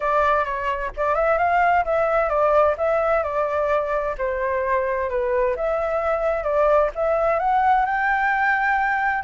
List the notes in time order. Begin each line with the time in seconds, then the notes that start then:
0.00 D5
0.44 C#5
0.96 D5
1.15 E5
1.38 F5
1.84 E5
2.29 D5
2.77 E5
3.23 D5
4.17 C5
5.09 B4
5.56 E5
6.43 D5
6.95 E5
7.39 F#5
7.85 G5